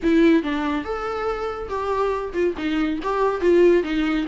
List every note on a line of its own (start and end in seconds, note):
0.03 0.43 E4
0.43 0.84 D4
0.84 1.68 A4
1.68 2.32 G4
2.33 2.54 F4
2.57 2.99 D#4
3.03 3.40 G4
3.40 3.83 F4
3.83 4.26 D#4